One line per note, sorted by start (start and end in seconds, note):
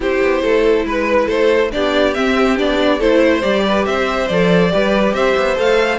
0.00 0.19 C4
0.00 1.71 E4
0.00 0.42 G4
0.00 0.86 C5
0.21 0.43 B3
0.42 0.84 A3
0.42 0.85 A4
0.84 1.27 G#3
0.84 1.26 B4
0.84 1.28 B4
1.26 1.71 A3
1.26 1.68 A4
1.26 1.71 C5
1.71 2.16 B3
1.71 2.14 D4
1.71 2.98 G4
1.71 2.14 D5
2.14 2.58 C4
2.14 2.57 C4
2.14 2.56 E5
2.57 3.00 B3
2.57 3.00 D4
2.57 3.00 D5
2.98 3.43 A3
2.98 3.42 E4
2.98 3.19 A4
2.98 3.42 C5
3.19 3.62 C5
3.42 3.86 G3
3.42 4.27 G4
3.42 3.85 D5
3.65 3.86 B4
3.85 4.29 C4
3.85 4.72 C5
3.85 4.27 E5
4.27 4.72 F3
4.27 4.70 A4
4.27 5.13 D5
4.70 5.13 G3
4.70 5.55 G4
4.70 5.15 B4
5.13 5.35 C4
5.13 5.98 C5
5.13 5.56 E5
5.37 5.58 B3
5.55 5.98 A3
5.55 5.98 A4
5.55 5.98 F5